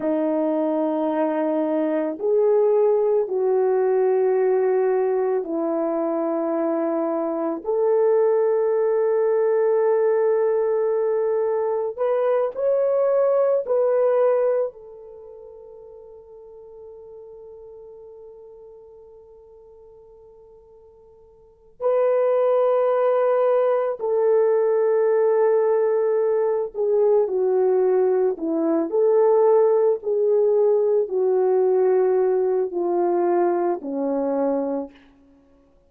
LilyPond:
\new Staff \with { instrumentName = "horn" } { \time 4/4 \tempo 4 = 55 dis'2 gis'4 fis'4~ | fis'4 e'2 a'4~ | a'2. b'8 cis''8~ | cis''8 b'4 a'2~ a'8~ |
a'1 | b'2 a'2~ | a'8 gis'8 fis'4 e'8 a'4 gis'8~ | gis'8 fis'4. f'4 cis'4 | }